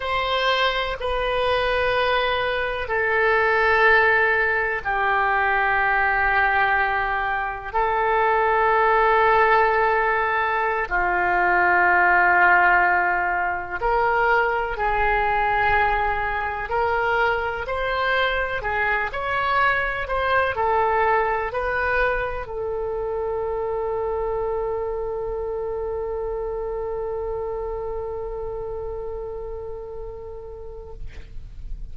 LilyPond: \new Staff \with { instrumentName = "oboe" } { \time 4/4 \tempo 4 = 62 c''4 b'2 a'4~ | a'4 g'2. | a'2.~ a'16 f'8.~ | f'2~ f'16 ais'4 gis'8.~ |
gis'4~ gis'16 ais'4 c''4 gis'8 cis''16~ | cis''8. c''8 a'4 b'4 a'8.~ | a'1~ | a'1 | }